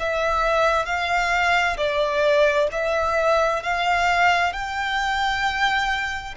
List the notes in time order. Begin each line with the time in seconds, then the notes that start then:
0.00 E5
0.86 F5
1.77 D5
2.72 E5
3.63 F5
4.53 G5